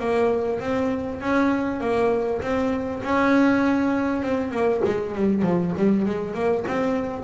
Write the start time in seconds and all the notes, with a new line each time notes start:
0.00 A#3
0.61 C4
1.21 C#4
1.81 A#3
2.42 C4
3.04 C#4
4.23 C4
4.52 A#3
4.86 G#3
5.15 G3
5.43 F3
5.78 G3
6.06 G#3
6.35 A#3
6.68 C4